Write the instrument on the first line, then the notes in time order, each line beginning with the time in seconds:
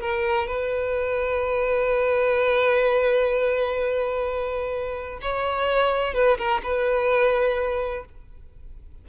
violin
0.00 A#4
0.47 B4
5.21 C#5
6.14 B4
6.38 A#4
6.63 B4